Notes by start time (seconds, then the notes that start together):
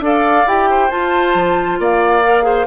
0.00 D4 A4 D5
0.06 F5
0.47 E4 G4 G5
0.70 C5
0.91 F4 A5
1.35 F3
1.79 A#3 D5 F5
2.24 A#4
2.43 G#4 C5